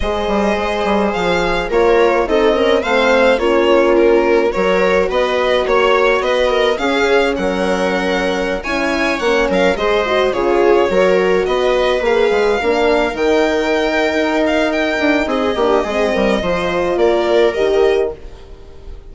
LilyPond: <<
  \new Staff \with { instrumentName = "violin" } { \time 4/4 \tempo 4 = 106 dis''2 f''4 cis''4 | dis''4 f''4 cis''4 ais'4 | cis''4 dis''4 cis''4 dis''4 | f''4 fis''2~ fis''16 gis''8.~ |
gis''16 fis''8 f''8 dis''4 cis''4.~ cis''16~ | cis''16 dis''4 f''2 g''8.~ | g''4. f''8 g''4 dis''4~ | dis''2 d''4 dis''4 | }
  \new Staff \with { instrumentName = "viola" } { \time 4/4 c''2. ais'4 | a'8 ais'8 c''4 f'2 | ais'4 b'4 cis''4 b'8 ais'8 | gis'4 ais'2~ ais'16 cis''8.~ |
cis''8. ais'8 c''4 gis'4 ais'8.~ | ais'16 b'2 ais'4.~ ais'16~ | ais'2. gis'8 g'8 | gis'8 ais'8 c''4 ais'2 | }
  \new Staff \with { instrumentName = "horn" } { \time 4/4 gis'2. f'4 | dis'8 cis'8 c'4 cis'2 | fis'1 | cis'2.~ cis'16 e'8.~ |
e'16 cis'4 gis'8 fis'8 f'4 fis'8.~ | fis'4~ fis'16 gis'4 d'4 dis'8.~ | dis'2.~ dis'8 d'8 | c'4 f'2 g'4 | }
  \new Staff \with { instrumentName = "bassoon" } { \time 4/4 gis8 g8 gis8 g8 f4 ais4 | c'4 a4 ais2 | fis4 b4 ais4 b4 | cis'4 fis2~ fis16 cis'8.~ |
cis'16 ais8 fis8 gis4 cis4 fis8.~ | fis16 b4 ais8 gis8 ais4 dis8.~ | dis4 dis'4. d'8 c'8 ais8 | gis8 g8 f4 ais4 dis4 | }
>>